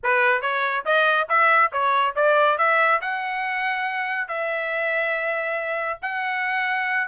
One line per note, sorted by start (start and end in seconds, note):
0.03 0.41 B4
0.41 0.84 C#5
0.85 1.28 D#5
1.28 1.71 E5
1.72 2.15 C#5
2.15 2.58 D5
2.58 3.01 E5
3.01 4.27 F#5
4.27 5.99 E5
6.01 7.07 F#5